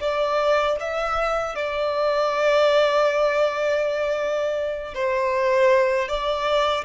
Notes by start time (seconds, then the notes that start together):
0.00 D5
0.80 E5
1.55 D5
4.94 C5
6.08 D5